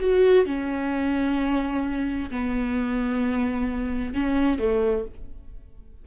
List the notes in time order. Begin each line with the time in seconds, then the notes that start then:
0.00 F#4
0.45 C#4
2.30 B3
4.14 C#4
4.59 A3